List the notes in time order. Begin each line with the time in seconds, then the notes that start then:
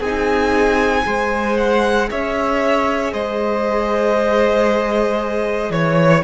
0.00 C4 D#4 G#4 G#5
1.03 G#3 G#4 C5
1.58 F#5
2.11 C#4 C#5 E5
3.13 G#3 C5 D#5
5.71 E3 C#5